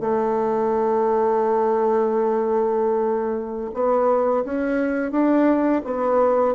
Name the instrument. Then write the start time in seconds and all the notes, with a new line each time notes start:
bassoon
0.00 A3
3.73 B3
4.44 C#4
5.11 D4
5.85 B3